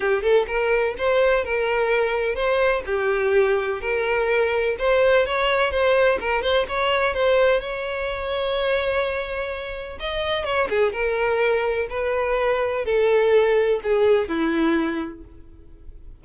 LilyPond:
\new Staff \with { instrumentName = "violin" } { \time 4/4 \tempo 4 = 126 g'8 a'8 ais'4 c''4 ais'4~ | ais'4 c''4 g'2 | ais'2 c''4 cis''4 | c''4 ais'8 c''8 cis''4 c''4 |
cis''1~ | cis''4 dis''4 cis''8 gis'8 ais'4~ | ais'4 b'2 a'4~ | a'4 gis'4 e'2 | }